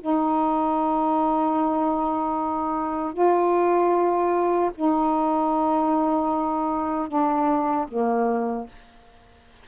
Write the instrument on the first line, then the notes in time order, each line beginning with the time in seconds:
saxophone
0.00 D#4
3.13 F4
4.75 D#4
7.07 D4
7.88 A#3